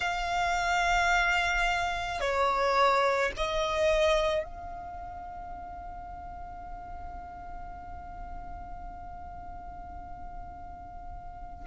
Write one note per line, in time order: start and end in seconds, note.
0.00 2.20 F5
2.20 3.31 C#5
3.36 4.43 D#5
4.43 11.65 F5